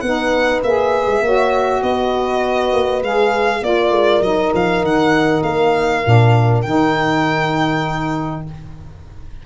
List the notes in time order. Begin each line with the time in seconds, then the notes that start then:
0.00 B3 D#4 B4 F#5
0.63 A#3 G#4 E5
1.06 G#3
1.21 A#3 F#4 C#5
1.82 B3 B4 D#5
2.72 A#3
3.02 G#3 G#4 F5
3.61 A#3 F4 A#4 D5
3.90 G#3
4.21 F#3 D#4 D#5
4.54 F3 F5
4.82 D#3 F#5
5.42 A#3 F5
6.04 A#2 D4
6.61 D#3 D#4 G5